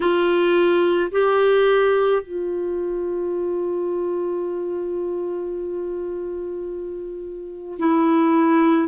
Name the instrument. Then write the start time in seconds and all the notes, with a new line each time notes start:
clarinet
0.00 F4
1.11 G4
2.22 F4
7.78 E4